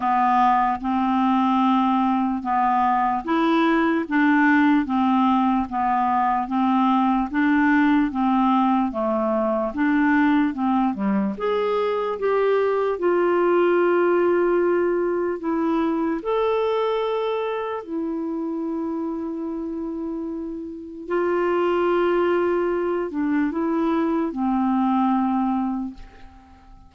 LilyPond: \new Staff \with { instrumentName = "clarinet" } { \time 4/4 \tempo 4 = 74 b4 c'2 b4 | e'4 d'4 c'4 b4 | c'4 d'4 c'4 a4 | d'4 c'8 g8 gis'4 g'4 |
f'2. e'4 | a'2 e'2~ | e'2 f'2~ | f'8 d'8 e'4 c'2 | }